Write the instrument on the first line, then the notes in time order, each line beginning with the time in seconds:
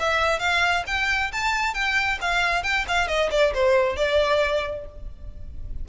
violin
0.00 E5
0.39 F5
0.87 G5
1.33 A5
1.74 G5
2.22 F5
2.64 G5
2.88 F5
3.08 D#5
3.31 D5
3.55 C5
3.97 D5